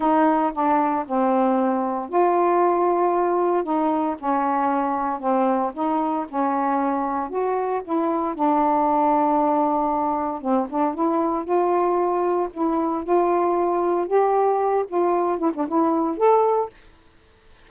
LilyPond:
\new Staff \with { instrumentName = "saxophone" } { \time 4/4 \tempo 4 = 115 dis'4 d'4 c'2 | f'2. dis'4 | cis'2 c'4 dis'4 | cis'2 fis'4 e'4 |
d'1 | c'8 d'8 e'4 f'2 | e'4 f'2 g'4~ | g'8 f'4 e'16 d'16 e'4 a'4 | }